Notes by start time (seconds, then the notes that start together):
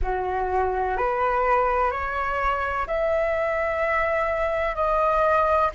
0.02 F#4
0.97 B4
1.90 C#5
2.87 E5
4.74 D#5